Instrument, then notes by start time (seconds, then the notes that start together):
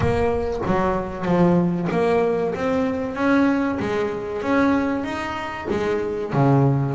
double bass
0.00 A#3
0.66 F#3
1.25 F3
1.91 A#3
2.54 C4
3.15 C#4
3.79 G#3
4.42 C#4
5.04 D#4
5.70 G#3
6.33 C#3